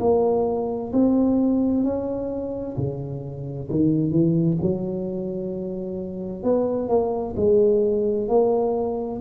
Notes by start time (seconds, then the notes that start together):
0.00 A#3
0.93 C4
1.84 C#4
2.77 C#3
3.71 D#3
4.12 E3
4.62 F#3
6.44 B3
6.89 A#3
7.37 G#3
8.29 A#3